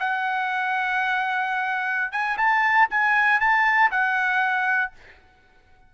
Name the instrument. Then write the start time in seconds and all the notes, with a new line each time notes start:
trumpet
0.00 F#5
2.12 G#5
2.38 A5
2.91 G#5
3.40 A5
3.91 F#5